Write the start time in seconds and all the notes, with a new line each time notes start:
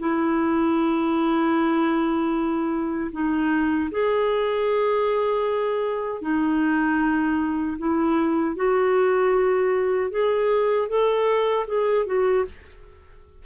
0.00 E4
3.12 D#4
3.91 G#4
6.22 D#4
7.79 E4
8.56 F#4
10.11 G#4
10.89 A4
11.67 G#4
12.06 F#4